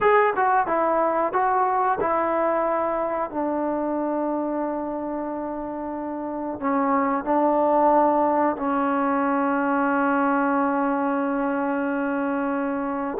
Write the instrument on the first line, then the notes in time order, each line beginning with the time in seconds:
trombone
0.00 G#4
0.35 F#4
0.66 E4
1.32 F#4
2.00 E4
3.30 D4
6.60 C#4
7.24 D4
8.56 C#4